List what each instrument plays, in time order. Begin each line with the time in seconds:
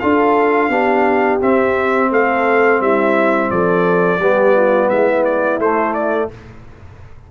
0.00 tuba D4, trombone F4, horn A4, trumpet F5
0.69 tuba B3, trombone D4, horn G4
1.41 trombone C4, tuba C4, trumpet E5
2.11 tuba A3, horn A4, trumpet F5
2.81 tuba G3, horn E4, trumpet E5
3.51 tuba F3, horn A4, trumpet D5
4.19 tuba G3, trombone B3, horn G4
4.57 horn F4
4.88 tuba G#3, horn E4, trumpet E5
5.25 trumpet D5
5.59 tuba A3, trombone A3, trumpet C5
5.94 trumpet D5